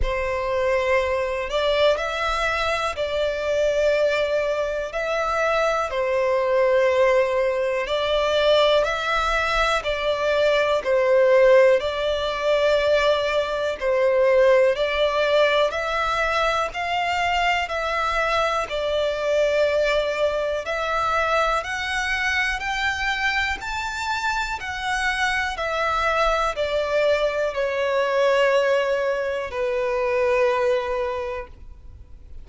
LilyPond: \new Staff \with { instrumentName = "violin" } { \time 4/4 \tempo 4 = 61 c''4. d''8 e''4 d''4~ | d''4 e''4 c''2 | d''4 e''4 d''4 c''4 | d''2 c''4 d''4 |
e''4 f''4 e''4 d''4~ | d''4 e''4 fis''4 g''4 | a''4 fis''4 e''4 d''4 | cis''2 b'2 | }